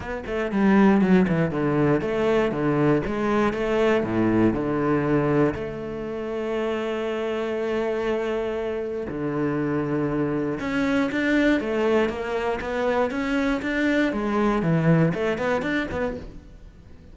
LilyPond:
\new Staff \with { instrumentName = "cello" } { \time 4/4 \tempo 4 = 119 b8 a8 g4 fis8 e8 d4 | a4 d4 gis4 a4 | a,4 d2 a4~ | a1~ |
a2 d2~ | d4 cis'4 d'4 a4 | ais4 b4 cis'4 d'4 | gis4 e4 a8 b8 d'8 b8 | }